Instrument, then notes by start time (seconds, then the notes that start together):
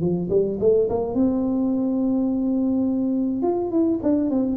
tuba
0.00 F3
0.29 G3
0.60 A3
0.89 A#3
1.14 C4
3.42 F4
3.71 E4
4.02 D4
4.30 C4